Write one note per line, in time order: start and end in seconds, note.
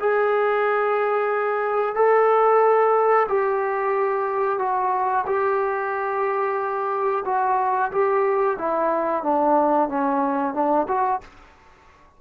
0.00 1.95 G#4
1.95 3.27 A4
3.28 4.59 G4
4.59 5.25 F#4
5.27 7.24 G4
7.25 7.91 F#4
7.92 8.58 G4
8.59 9.23 E4
9.23 9.89 D4
9.89 10.54 C#4
10.54 10.87 D4
10.88 11.21 F#4